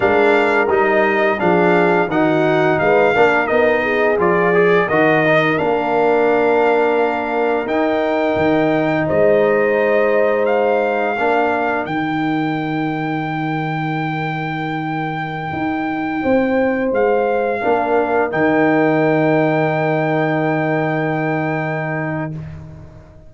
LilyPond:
<<
  \new Staff \with { instrumentName = "trumpet" } { \time 4/4 \tempo 4 = 86 f''4 dis''4 f''4 fis''4 | f''4 dis''4 d''4 dis''4 | f''2. g''4~ | g''4 dis''2 f''4~ |
f''4 g''2.~ | g''1~ | g''16 f''2 g''4.~ g''16~ | g''1 | }
  \new Staff \with { instrumentName = "horn" } { \time 4/4 ais'2 gis'4 fis'4 | b'8 ais'4 gis'4. ais'4~ | ais'1~ | ais'4 c''2. |
ais'1~ | ais'2.~ ais'16 c''8.~ | c''4~ c''16 ais'2~ ais'8.~ | ais'1 | }
  \new Staff \with { instrumentName = "trombone" } { \time 4/4 d'4 dis'4 d'4 dis'4~ | dis'8 d'8 dis'4 f'8 gis'8 fis'8 dis'8 | d'2. dis'4~ | dis'1 |
d'4 dis'2.~ | dis'1~ | dis'4~ dis'16 d'4 dis'4.~ dis'16~ | dis'1 | }
  \new Staff \with { instrumentName = "tuba" } { \time 4/4 gis4 g4 f4 dis4 | gis8 ais8 b4 f4 dis4 | ais2. dis'4 | dis4 gis2. |
ais4 dis2.~ | dis2~ dis16 dis'4 c'8.~ | c'16 gis4 ais4 dis4.~ dis16~ | dis1 | }
>>